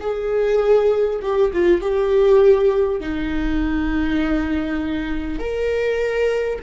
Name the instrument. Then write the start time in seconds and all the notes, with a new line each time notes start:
viola
0.00 G#4
1.21 G4
1.53 F4
1.81 G4
3.00 D#4
5.39 A#4